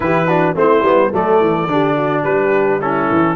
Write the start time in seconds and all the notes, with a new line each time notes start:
0.00 E3 E4 G4 B4
0.27 D4 F#4
0.55 A3 C4 E4 C5
0.82 G3 B3
1.10 F#3 A3 A4 D5
1.40 E3
1.66 D3 D4 G4
1.96 F#4
2.23 G3 G4 B4
2.81 C#4 E4 A4
3.10 E3